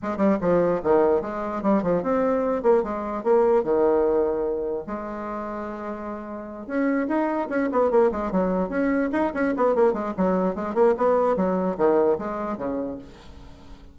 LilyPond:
\new Staff \with { instrumentName = "bassoon" } { \time 4/4 \tempo 4 = 148 gis8 g8 f4 dis4 gis4 | g8 f8 c'4. ais8 gis4 | ais4 dis2. | gis1~ |
gis8 cis'4 dis'4 cis'8 b8 ais8 | gis8 fis4 cis'4 dis'8 cis'8 b8 | ais8 gis8 fis4 gis8 ais8 b4 | fis4 dis4 gis4 cis4 | }